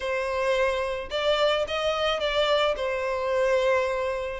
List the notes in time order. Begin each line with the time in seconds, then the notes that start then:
0.00 C5
1.10 D5
1.67 D#5
2.19 D5
2.76 C5